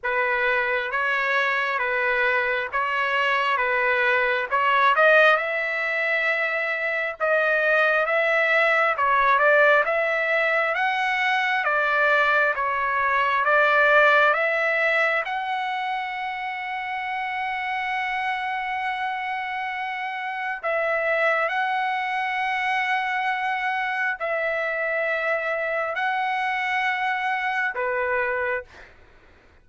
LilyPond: \new Staff \with { instrumentName = "trumpet" } { \time 4/4 \tempo 4 = 67 b'4 cis''4 b'4 cis''4 | b'4 cis''8 dis''8 e''2 | dis''4 e''4 cis''8 d''8 e''4 | fis''4 d''4 cis''4 d''4 |
e''4 fis''2.~ | fis''2. e''4 | fis''2. e''4~ | e''4 fis''2 b'4 | }